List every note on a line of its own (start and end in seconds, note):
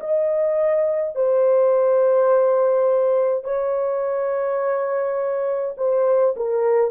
0.00 1.15 D#5
1.15 3.44 C5
3.44 5.75 C#5
5.77 6.35 C5
6.36 6.91 A#4